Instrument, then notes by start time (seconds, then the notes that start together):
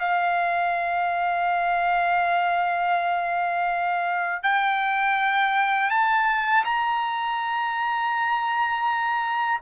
trumpet
0.00 F5
4.43 G5
5.91 A5
6.65 A#5